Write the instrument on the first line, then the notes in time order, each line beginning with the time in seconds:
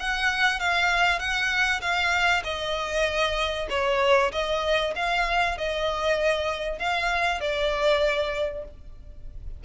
violin
0.00 F#5
0.60 F5
1.19 F#5
1.81 F5
2.44 D#5
3.70 C#5
4.32 D#5
4.96 F5
5.58 D#5
6.79 F5
7.41 D5